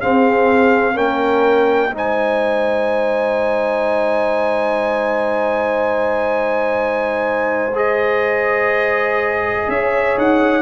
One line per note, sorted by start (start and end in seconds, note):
0.00 0.93 C4
0.00 0.97 C4
0.00 0.93 G#4
0.00 0.97 F5
0.93 1.92 A#3
0.93 1.90 C#4
0.93 1.90 A#4
0.93 1.94 G5
1.91 9.66 G#3
1.91 7.71 D#4
1.91 9.69 C5
1.97 7.77 G#5
7.75 10.61 G#4
7.75 9.69 D#5
9.68 10.16 C#4
9.68 10.61 C#5
9.68 10.18 E5
10.17 10.61 D#4
10.17 10.61 F#5